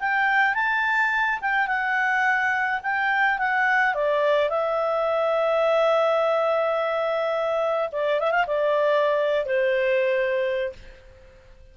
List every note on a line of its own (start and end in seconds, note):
0.00 0.55 G5
0.55 1.40 A5
1.42 1.68 G5
1.68 2.81 F#5
2.83 3.39 G5
3.39 3.95 F#5
3.95 4.50 D5
4.50 7.90 E5
7.92 8.20 D5
8.20 8.32 E5
8.32 8.46 F5
8.48 9.46 D5
9.46 10.73 C5